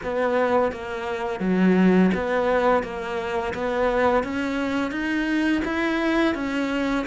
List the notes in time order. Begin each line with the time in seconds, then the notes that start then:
0.03 B3
0.72 A#3
1.40 F#3
2.14 B3
2.83 A#3
3.54 B3
4.23 C#4
4.91 D#4
5.64 E4
6.35 C#4